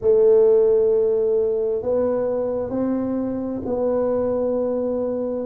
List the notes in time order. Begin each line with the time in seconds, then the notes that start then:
0.01 A3
1.82 B3
2.70 C4
3.65 B3